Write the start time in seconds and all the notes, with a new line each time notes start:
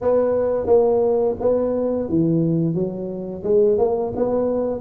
0.01 B3
0.66 A#3
1.40 B3
2.09 E3
2.74 F#3
3.43 G#3
3.78 A#3
4.15 B3